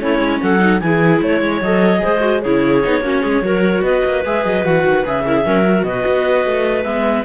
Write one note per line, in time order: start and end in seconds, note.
0.00 0.19 A3
0.00 0.59 C#4
0.00 0.41 E4
0.00 0.41 C#5
0.19 0.39 G#3
0.41 0.82 F#3
0.41 0.82 A4
0.41 0.80 F#5
0.59 0.80 D#4
0.80 1.22 E3
0.80 1.64 E4
0.80 1.24 G#4
0.80 1.21 G#5
1.22 1.41 A3
1.22 1.62 C#5
1.22 2.03 C#5
1.41 1.61 G#3
1.61 2.02 F#3
1.61 1.98 A4
1.61 2.42 D#5
1.98 2.18 G#4
1.98 2.42 C5
2.05 2.45 G#3
2.20 2.40 F#4
2.42 2.85 C#3
2.42 2.84 E4
2.42 3.02 G#4
2.42 3.83 C#5
2.84 3.01 B3
2.84 3.04 D#4
3.01 3.21 A#3
3.01 3.43 C#4
3.01 3.22 F#4
3.22 3.42 G#3
3.22 3.42 G#4
3.42 3.82 F#3
3.42 4.24 F#4
3.42 3.84 A#4
3.82 4.02 B3
3.82 5.25 B4
3.82 4.24 D#5
4.05 4.25 A#3
4.26 4.45 G#3
4.26 4.65 G#4
4.26 4.45 E5
4.45 4.66 F#3
4.45 4.65 D#5
4.65 4.84 E3
4.65 5.05 F#4
4.65 5.05 F#5
4.84 5.04 D#3
5.05 5.46 C#3
5.05 5.26 G#4
5.05 5.84 E5
5.27 5.45 E4
5.27 5.36 A#4
5.36 5.46 G#4
5.45 5.84 F#3
5.45 5.65 C#4
5.45 5.87 A#4
5.65 6.84 F#4
5.84 6.04 B2
5.84 7.25 B4
5.84 6.84 D#5
6.07 6.47 B3
6.47 6.85 A3
6.84 7.25 G#3
6.84 7.25 B3
6.84 7.24 E5